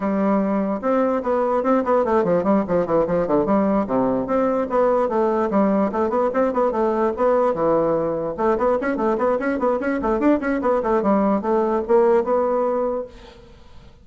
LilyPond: \new Staff \with { instrumentName = "bassoon" } { \time 4/4 \tempo 4 = 147 g2 c'4 b4 | c'8 b8 a8 f8 g8 f8 e8 f8 | d8 g4 c4 c'4 b8~ | b8 a4 g4 a8 b8 c'8 |
b8 a4 b4 e4.~ | e8 a8 b8 cis'8 a8 b8 cis'8 b8 | cis'8 a8 d'8 cis'8 b8 a8 g4 | a4 ais4 b2 | }